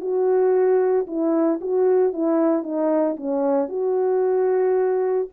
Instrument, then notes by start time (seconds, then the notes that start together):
horn
0.00 F#4
1.07 E4
1.61 F#4
2.13 E4
2.63 D#4
3.16 C#4
3.68 F#4